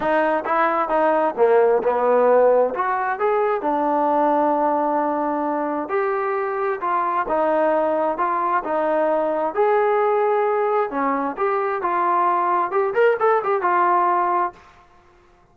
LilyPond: \new Staff \with { instrumentName = "trombone" } { \time 4/4 \tempo 4 = 132 dis'4 e'4 dis'4 ais4 | b2 fis'4 gis'4 | d'1~ | d'4 g'2 f'4 |
dis'2 f'4 dis'4~ | dis'4 gis'2. | cis'4 g'4 f'2 | g'8 ais'8 a'8 g'8 f'2 | }